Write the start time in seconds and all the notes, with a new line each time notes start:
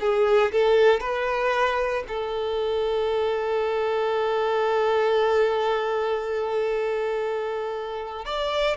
0.00 G#4
0.52 A4
1.00 B4
2.08 A4
8.25 D5